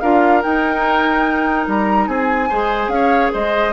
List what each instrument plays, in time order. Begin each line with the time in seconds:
0.00 bassoon D4, clarinet F4, oboe A#4, flute F5
0.42 clarinet D#4, bassoon D#4, flute G5
1.67 bassoon G3, flute A#5
2.07 bassoon C4, oboe G#4, flute G#5
2.49 bassoon G#3, clarinet G#4, oboe C5
2.87 bassoon C#4, flute F5
2.94 oboe C#5
3.32 bassoon G#3, oboe C5, flute D#5